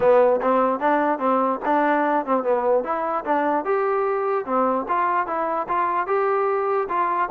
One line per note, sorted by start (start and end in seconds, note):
0.00 0.40 B3
0.41 0.79 C4
0.79 1.19 D4
1.19 1.59 C4
1.65 2.25 D4
2.25 2.43 C4
2.43 2.83 B3
2.83 3.24 E4
3.24 3.64 D4
3.64 4.45 G4
4.45 4.86 C4
4.88 5.26 F4
5.26 5.67 E4
5.68 6.07 F4
6.07 6.88 G4
6.88 7.29 F4